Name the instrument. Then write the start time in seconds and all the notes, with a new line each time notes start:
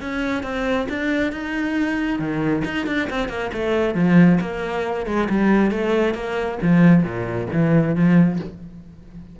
cello
0.00 C#4
0.43 C4
0.89 D4
1.32 D#4
2.19 D#3
2.64 D#4
2.86 D4
3.10 C4
3.28 A#3
3.53 A3
3.94 F3
4.40 A#3
5.06 G#3
5.29 G3
5.71 A3
6.14 A#3
6.62 F3
7.03 A#2
7.52 E3
7.95 F3